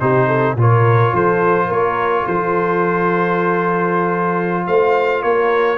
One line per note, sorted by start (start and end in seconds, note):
0.00 0.55 C3
0.00 0.57 D#4
0.00 0.27 G4
0.00 0.57 C5
0.27 0.55 A4
0.55 1.12 A#2
0.55 5.78 F4
0.55 1.14 A#4
0.55 1.15 C#5
1.12 1.69 F3
1.12 1.66 A4
1.12 1.72 C5
1.66 2.26 A#3
1.66 2.23 A#4
1.66 2.27 C#5
2.27 4.67 F3
2.27 4.67 A4
2.27 4.67 C5
4.67 5.23 A3
4.67 5.22 C5
4.67 5.23 F5
5.22 5.78 A#3
5.22 5.78 A#4
5.22 5.78 C#5